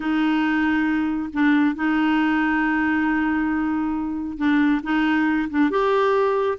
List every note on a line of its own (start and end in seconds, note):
0.00 1.29 D#4
1.33 1.75 D4
1.75 4.37 D#4
4.37 4.81 D4
4.83 5.48 D#4
5.49 5.70 D4
5.70 6.58 G4